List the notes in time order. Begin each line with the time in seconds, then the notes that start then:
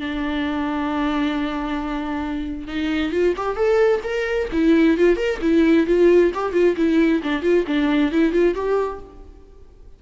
0.00 D4
2.68 D#4
3.12 F4
3.37 G4
3.56 A4
4.04 A#4
4.52 E4
4.97 F4
5.17 A#4
5.41 E4
5.87 F4
6.34 G4
6.53 F4
6.77 E4
7.23 D4
7.42 F4
7.67 D4
8.12 E4
8.33 F4
8.55 G4